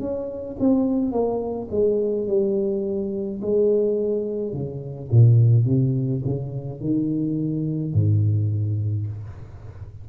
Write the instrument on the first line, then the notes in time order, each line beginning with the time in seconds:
tuba
0.00 C#4
0.60 C4
1.12 A#3
1.71 G#3
2.27 G3
3.42 G#3
4.53 C#3
5.11 A#2
5.66 C3
6.25 C#3
6.81 D#3
7.94 G#2